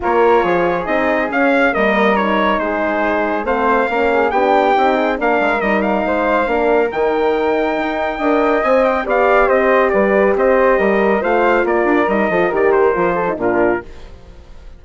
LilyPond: <<
  \new Staff \with { instrumentName = "trumpet" } { \time 4/4 \tempo 4 = 139 cis''2 dis''4 f''4 | dis''4 cis''4 c''2 | f''2 g''2 | f''4 dis''8 f''2~ f''8 |
g''1 | gis''8 g''8 f''4 dis''4 d''4 | dis''2 f''4 d''4 | dis''4 d''8 c''4. ais'4 | }
  \new Staff \with { instrumentName = "flute" } { \time 4/4 ais'4 gis'2. | ais'2 gis'2 | c''4 ais'8 gis'8 g'4. gis'8 | ais'2 c''4 ais'4~ |
ais'2. dis''4~ | dis''4 d''4 c''4 b'4 | c''4 ais'4 c''4 ais'4~ | ais'8 a'8 ais'4. a'8 f'4 | }
  \new Staff \with { instrumentName = "horn" } { \time 4/4 f'2 dis'4 cis'4 | ais4 dis'2. | c'4 cis'4 d'4 dis'4 | d'4 dis'2 d'4 |
dis'2. ais'4 | c''4 g'2.~ | g'2 f'2 | dis'8 f'8 g'4 f'8. dis'16 d'4 | }
  \new Staff \with { instrumentName = "bassoon" } { \time 4/4 ais4 f4 c'4 cis'4 | g2 gis2 | a4 ais4 b4 c'4 | ais8 gis8 g4 gis4 ais4 |
dis2 dis'4 d'4 | c'4 b4 c'4 g4 | c'4 g4 a4 ais8 d'8 | g8 f8 dis4 f4 ais,4 | }
>>